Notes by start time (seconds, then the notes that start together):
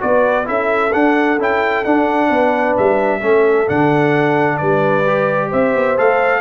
0.00 B3 F#4 B4 D5
0.45 C#4 E4 A4 E5
0.93 D4 F#5
1.38 C#4 E4 G5
1.84 D4 F#5
2.29 B3 B4
2.77 G3 E5
3.19 A3 C#4 A4
3.67 D3 D4 F#5
4.57 G3 B4 D5
5.06 G4
5.48 C4 C5 E5
5.75 B3
5.97 A3 A4 F5